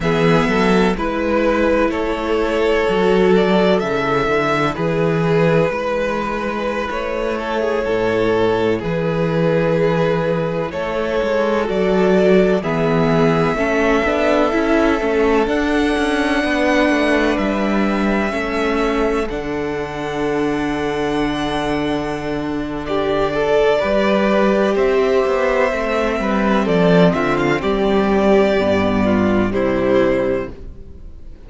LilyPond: <<
  \new Staff \with { instrumentName = "violin" } { \time 4/4 \tempo 4 = 63 e''4 b'4 cis''4. d''8 | e''4 b'2~ b'16 cis''8.~ | cis''4~ cis''16 b'2 cis''8.~ | cis''16 d''4 e''2~ e''8.~ |
e''16 fis''2 e''4.~ e''16~ | e''16 fis''2.~ fis''8. | d''2 e''2 | d''8 e''16 f''16 d''2 c''4 | }
  \new Staff \with { instrumentName = "violin" } { \time 4/4 gis'8 a'8 b'4 a'2~ | a'4 gis'4 b'4.~ b'16 a'16 | gis'16 a'4 gis'2 a'8.~ | a'4~ a'16 gis'4 a'4.~ a'16~ |
a'4~ a'16 b'2 a'8.~ | a'1 | g'8 a'8 b'4 c''4. b'8 | a'8 f'8 g'4. f'8 e'4 | }
  \new Staff \with { instrumentName = "viola" } { \time 4/4 b4 e'2 fis'4 | e'1~ | e'1~ | e'16 fis'4 b4 cis'8 d'8 e'8 cis'16~ |
cis'16 d'2. cis'8.~ | cis'16 d'2.~ d'8.~ | d'4 g'2 c'4~ | c'2 b4 g4 | }
  \new Staff \with { instrumentName = "cello" } { \time 4/4 e8 fis8 gis4 a4 fis4 | cis8 d8 e4 gis4~ gis16 a8.~ | a16 a,4 e2 a8 gis16~ | gis16 fis4 e4 a8 b8 cis'8 a16~ |
a16 d'8 cis'8 b8 a8 g4 a8.~ | a16 d2.~ d8.~ | d4 g4 c'8 b8 a8 g8 | f8 d8 g4 g,4 c4 | }
>>